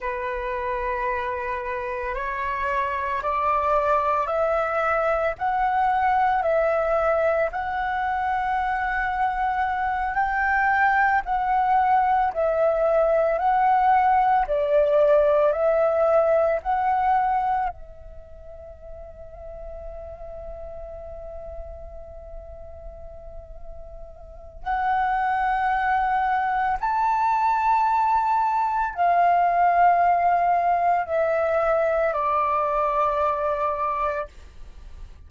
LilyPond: \new Staff \with { instrumentName = "flute" } { \time 4/4 \tempo 4 = 56 b'2 cis''4 d''4 | e''4 fis''4 e''4 fis''4~ | fis''4. g''4 fis''4 e''8~ | e''8 fis''4 d''4 e''4 fis''8~ |
fis''8 e''2.~ e''8~ | e''2. fis''4~ | fis''4 a''2 f''4~ | f''4 e''4 d''2 | }